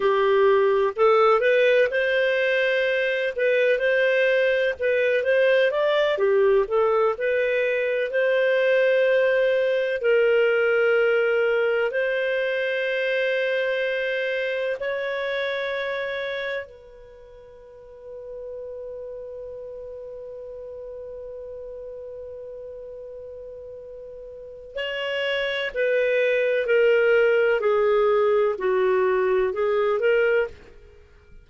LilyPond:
\new Staff \with { instrumentName = "clarinet" } { \time 4/4 \tempo 4 = 63 g'4 a'8 b'8 c''4. b'8 | c''4 b'8 c''8 d''8 g'8 a'8 b'8~ | b'8 c''2 ais'4.~ | ais'8 c''2. cis''8~ |
cis''4. b'2~ b'8~ | b'1~ | b'2 cis''4 b'4 | ais'4 gis'4 fis'4 gis'8 ais'8 | }